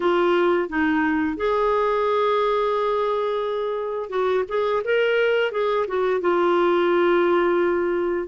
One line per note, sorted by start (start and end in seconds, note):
0.00 0.69 F4
0.69 1.36 D#4
1.36 4.09 G#4
4.09 4.44 F#4
4.48 4.82 G#4
4.84 5.51 A#4
5.51 5.86 G#4
5.87 6.20 F#4
6.20 8.27 F4